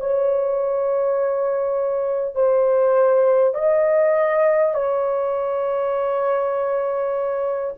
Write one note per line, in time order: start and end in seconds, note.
0.00 2.36 C#5
2.36 3.55 C5
3.55 4.75 D#5
4.75 7.75 C#5